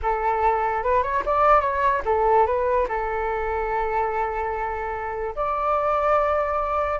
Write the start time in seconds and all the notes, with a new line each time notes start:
0.02 A4
0.83 B4
1.02 C#5
1.25 D5
1.60 C#5
2.05 A4
2.46 B4
2.88 A4
5.35 D5